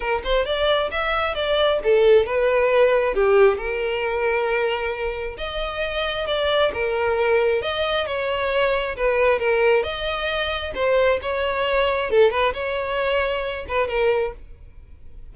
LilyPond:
\new Staff \with { instrumentName = "violin" } { \time 4/4 \tempo 4 = 134 ais'8 c''8 d''4 e''4 d''4 | a'4 b'2 g'4 | ais'1 | dis''2 d''4 ais'4~ |
ais'4 dis''4 cis''2 | b'4 ais'4 dis''2 | c''4 cis''2 a'8 b'8 | cis''2~ cis''8 b'8 ais'4 | }